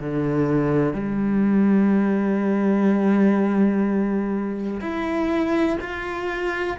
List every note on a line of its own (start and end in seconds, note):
0.00 0.93 D3
0.93 4.80 G3
4.81 5.78 E4
5.81 6.77 F4